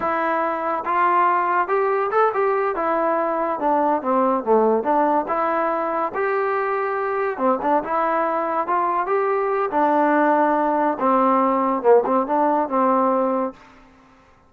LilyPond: \new Staff \with { instrumentName = "trombone" } { \time 4/4 \tempo 4 = 142 e'2 f'2 | g'4 a'8 g'4 e'4.~ | e'8 d'4 c'4 a4 d'8~ | d'8 e'2 g'4.~ |
g'4. c'8 d'8 e'4.~ | e'8 f'4 g'4. d'4~ | d'2 c'2 | ais8 c'8 d'4 c'2 | }